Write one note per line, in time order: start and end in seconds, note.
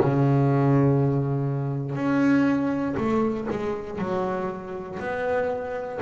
0.00 1.95 C#3
1.95 2.95 C#4
2.97 3.47 A3
3.50 3.99 G#3
3.99 4.99 F#3
5.00 6.00 B3